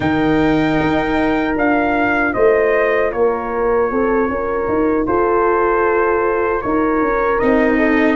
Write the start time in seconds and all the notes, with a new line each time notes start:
0.00 D#3 D#4 A#4 G5
0.80 D#4
1.55 D4 F4 F5
2.33 A3 C5 D#5
3.12 A#3 A#4 C#5
3.91 C4 A4
4.28 C#4 A#4
4.68 D#4
5.06 F4 A4 C5
6.61 D#4 A#4 C#5
7.01 C#4
7.39 C4 D#4 D#5
7.77 A4